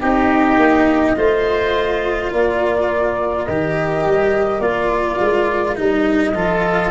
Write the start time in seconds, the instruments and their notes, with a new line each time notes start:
0.00 tuba C4, cello D#4, oboe G4, flute D#5
0.56 tuba A#3
1.16 tuba A3, cello F4, oboe C5
2.31 tuba A#3, oboe A#4, flute D5
3.44 tuba D#3, cello G4, flute D#5
4.05 tuba G3
4.59 tuba A#3, cello F4, flute D5
5.20 tuba G#3
5.75 tuba G3, cello D#4, flute D#5
6.34 tuba F3, cello F4, oboe A4